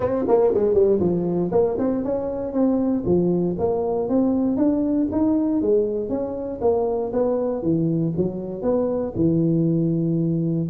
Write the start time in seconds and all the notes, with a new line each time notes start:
0.00 C4
0.28 A#3
0.54 G#3
0.73 G3
0.99 F3
1.51 A#3
1.78 C4
2.04 C#4
2.52 C4
3.05 F3
3.58 A#3
4.08 C4
4.56 D4
5.11 D#4
5.61 G#3
6.09 C#4
6.61 A#3
7.12 B3
7.62 E3
8.16 F#3
8.62 B3
9.15 E3